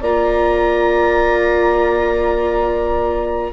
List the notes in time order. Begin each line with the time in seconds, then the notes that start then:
0.00 A#3 F4 D5 A#5